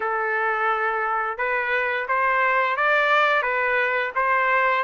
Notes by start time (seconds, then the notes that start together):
0.00 A4
1.37 B4
2.08 C5
2.76 D5
3.42 B4
4.15 C5